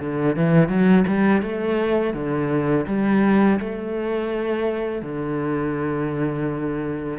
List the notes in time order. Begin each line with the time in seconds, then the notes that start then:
0.00 D3
0.36 E3
0.68 F#3
1.07 G3
1.42 A3
2.14 D3
2.87 G3
3.60 A3
5.02 D3